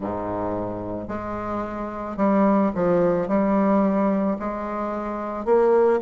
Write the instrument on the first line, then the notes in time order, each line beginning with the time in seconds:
bassoon
0.00 G#2
1.08 G#3
2.17 G3
2.75 F3
3.28 G3
4.39 G#3
5.45 A#3